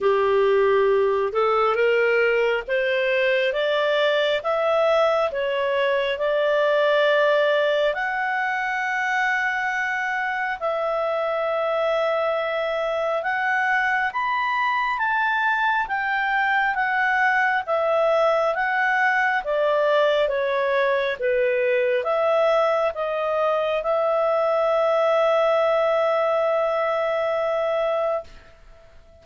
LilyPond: \new Staff \with { instrumentName = "clarinet" } { \time 4/4 \tempo 4 = 68 g'4. a'8 ais'4 c''4 | d''4 e''4 cis''4 d''4~ | d''4 fis''2. | e''2. fis''4 |
b''4 a''4 g''4 fis''4 | e''4 fis''4 d''4 cis''4 | b'4 e''4 dis''4 e''4~ | e''1 | }